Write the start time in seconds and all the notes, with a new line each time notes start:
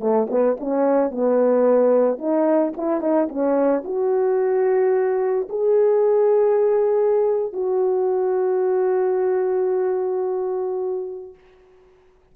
0.00 A3
0.30 B3
0.60 C#4
1.11 B3
2.18 D#4
2.77 E4
3.01 D#4
3.29 C#4
3.85 F#4
5.49 G#4
7.53 F#4